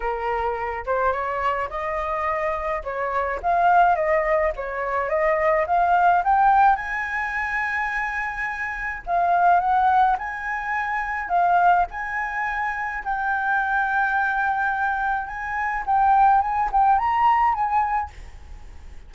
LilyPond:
\new Staff \with { instrumentName = "flute" } { \time 4/4 \tempo 4 = 106 ais'4. c''8 cis''4 dis''4~ | dis''4 cis''4 f''4 dis''4 | cis''4 dis''4 f''4 g''4 | gis''1 |
f''4 fis''4 gis''2 | f''4 gis''2 g''4~ | g''2. gis''4 | g''4 gis''8 g''8 ais''4 gis''4 | }